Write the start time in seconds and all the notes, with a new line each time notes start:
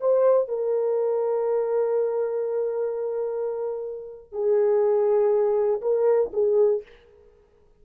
0.00 C5
0.48 A#4
4.32 G#4
5.81 A#4
6.33 G#4